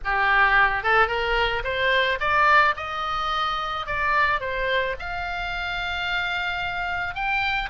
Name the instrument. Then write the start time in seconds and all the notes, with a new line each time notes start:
oboe
0.04 G4
0.83 A4
1.07 A#4
1.63 C5
2.19 D5
2.76 D#5
3.86 D5
4.40 C5
4.99 F5
7.14 G5